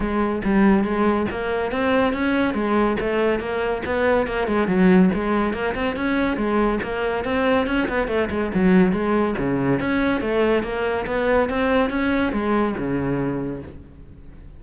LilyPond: \new Staff \with { instrumentName = "cello" } { \time 4/4 \tempo 4 = 141 gis4 g4 gis4 ais4 | c'4 cis'4 gis4 a4 | ais4 b4 ais8 gis8 fis4 | gis4 ais8 c'8 cis'4 gis4 |
ais4 c'4 cis'8 b8 a8 gis8 | fis4 gis4 cis4 cis'4 | a4 ais4 b4 c'4 | cis'4 gis4 cis2 | }